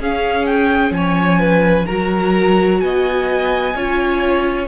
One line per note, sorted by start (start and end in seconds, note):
0.00 0.91 C#4
0.00 1.87 C#4
0.00 0.94 G#4
0.00 0.46 F5
0.46 0.93 G5
0.91 1.85 F3
0.91 1.40 C#5
0.91 1.86 G#5
1.40 1.86 B4
1.86 2.82 F#3
1.86 3.75 F#4
1.86 2.79 A#4
1.86 2.80 A#5
2.80 3.75 B3
2.80 3.76 D#5
2.80 4.68 G#5
3.75 4.68 C#4
3.75 4.68 F4
3.75 4.68 C#5